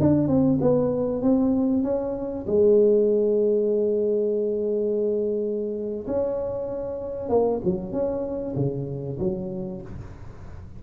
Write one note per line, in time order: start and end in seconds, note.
0.00 0.28 D4
0.28 0.59 C4
0.61 1.22 B3
1.22 1.84 C4
1.84 2.46 C#4
2.47 6.06 G#3
6.07 7.29 C#4
7.29 7.61 A#3
7.64 7.93 F#3
7.93 8.55 C#4
8.56 9.18 C#3
9.19 9.82 F#3